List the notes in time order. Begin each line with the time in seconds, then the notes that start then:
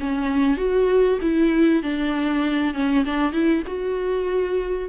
0.00 C#4
0.57 F#4
1.21 E4
1.83 D4
2.74 C#4
3.04 D4
3.32 E4
3.67 F#4